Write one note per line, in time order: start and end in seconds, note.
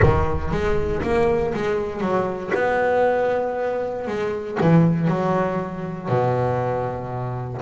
0.02 0.51 D#3
0.51 1.02 G#3
1.02 1.53 A#3
1.53 2.01 G#3
2.01 2.51 F#3
2.54 4.07 B3
4.07 4.58 G#3
4.60 5.07 E3
5.07 6.08 F#3
6.08 7.61 B2